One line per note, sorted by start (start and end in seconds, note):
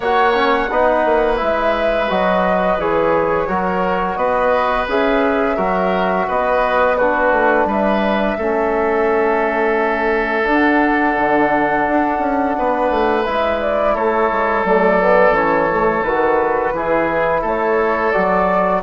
0.00 0.68 A#3
0.00 0.34 F#4
0.00 0.69 C#5
0.00 1.38 F#5
0.34 0.68 C#4
0.70 1.05 B3
0.70 1.36 D#4
0.70 3.48 B4
1.05 1.40 A#3
1.36 2.10 G#3
1.36 2.06 E4
1.36 2.10 E5
2.09 2.77 F#3
2.09 2.79 F#4
2.09 2.80 D#5
2.77 3.47 E3
2.77 3.48 G#4
2.77 4.16 C#5
3.48 4.16 F#3
3.48 4.87 F#4
3.48 4.17 A#4
4.16 4.86 B3
4.16 5.56 B4
4.16 4.86 D#5
4.88 5.58 C#4
4.88 5.57 G#4
4.88 6.29 E5
5.56 6.27 F#3
5.56 6.97 F#4
5.56 6.26 A#4
6.28 7.32 B3
6.28 6.97 B4
6.28 6.97 D#5
6.97 8.39 D4
6.97 7.67 F#4
6.97 7.67 B4
7.32 7.65 A3
7.65 8.34 G3
7.65 8.37 B4
7.65 10.49 E5
8.37 10.47 A3
8.37 10.44 C#4
8.37 12.56 A4
10.44 13.23 D4
10.44 11.17 D4
10.44 13.24 F#5
11.17 11.87 D3
11.87 12.18 D4
12.18 12.53 C#4
12.58 12.90 B3
12.58 13.94 B4
12.90 13.25 A3
13.24 13.95 G#3
13.24 14.65 E4
13.24 13.59 E5
13.60 13.95 D5
13.94 14.30 A3
13.94 16.73 A4
13.94 14.65 C#5
14.31 14.64 G#3
14.64 15.31 F#3
14.64 14.99 A3
14.64 15.35 D5
14.99 15.34 B3
15.31 16.01 E3
15.31 15.69 C#4
15.31 16.03 C#5
15.70 16.05 A3
16.03 16.72 D#3
16.03 16.75 F#4
16.03 17.42 B4
16.72 17.42 E3
16.72 18.13 E4
16.72 17.41 G#4
17.41 18.12 A3
17.41 18.80 A4
17.41 18.11 C#5
18.11 18.82 F#3
18.11 18.82 F#4
18.11 18.81 D5